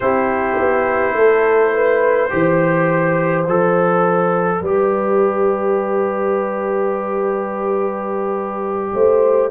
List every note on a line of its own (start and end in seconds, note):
0.00 0.58 C4
0.00 2.29 E4
0.00 1.16 G4
0.00 3.45 C5
0.59 1.14 B3
1.14 2.30 A3
1.14 1.73 A4
1.73 2.31 B4
2.29 3.47 E3
2.29 3.44 G4
2.29 4.60 C5
3.45 4.61 F3
3.45 4.64 A4
3.45 9.50 D5
4.60 8.93 G3
4.60 9.50 G4
4.60 8.93 B4
8.93 9.50 A3
8.93 9.50 C5